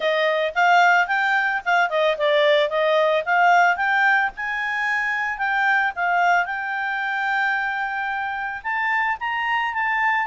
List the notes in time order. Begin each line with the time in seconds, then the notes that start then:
0.00 D#5
0.54 F5
1.07 G5
1.65 F5
1.89 D#5
2.17 D5
2.69 D#5
3.25 F5
3.76 G5
4.36 G#5
5.38 G5
5.95 F5
6.45 G5
8.63 A5
9.19 A#5
9.73 A5